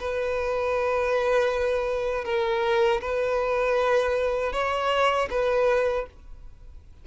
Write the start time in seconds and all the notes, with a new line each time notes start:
0.00 B4
2.25 A#4
3.01 B4
4.53 C#5
5.31 B4